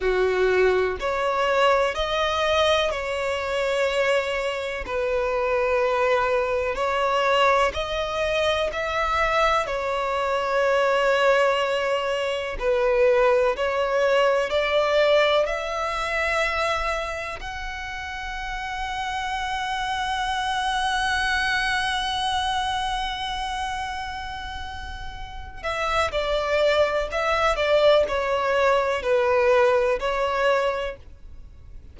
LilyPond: \new Staff \with { instrumentName = "violin" } { \time 4/4 \tempo 4 = 62 fis'4 cis''4 dis''4 cis''4~ | cis''4 b'2 cis''4 | dis''4 e''4 cis''2~ | cis''4 b'4 cis''4 d''4 |
e''2 fis''2~ | fis''1~ | fis''2~ fis''8 e''8 d''4 | e''8 d''8 cis''4 b'4 cis''4 | }